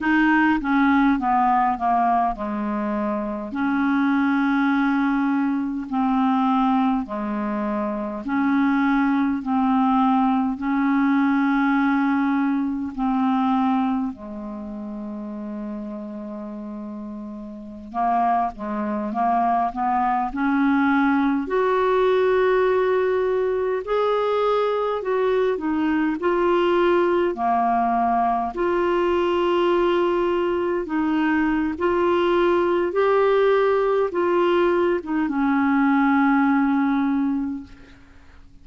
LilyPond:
\new Staff \with { instrumentName = "clarinet" } { \time 4/4 \tempo 4 = 51 dis'8 cis'8 b8 ais8 gis4 cis'4~ | cis'4 c'4 gis4 cis'4 | c'4 cis'2 c'4 | gis2.~ gis16 ais8 gis16~ |
gis16 ais8 b8 cis'4 fis'4.~ fis'16~ | fis'16 gis'4 fis'8 dis'8 f'4 ais8.~ | ais16 f'2 dis'8. f'4 | g'4 f'8. dis'16 cis'2 | }